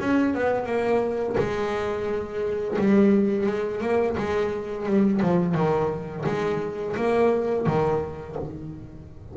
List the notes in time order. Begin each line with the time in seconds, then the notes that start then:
0.00 C#4
0.35 B3
0.66 A#3
1.38 G#3
2.79 G3
3.47 G#3
3.81 A#3
4.17 G#3
4.86 G3
5.22 F3
5.54 D#3
6.26 G#3
6.96 A#3
7.66 D#3